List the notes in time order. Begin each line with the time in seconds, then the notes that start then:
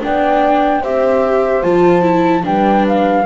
0.00 B3 D4 D5 G5
0.81 C4 G4 C5 E5
1.62 F3 F4 A5
2.02 E4
2.42 G3 D4 B4 G5
2.87 F5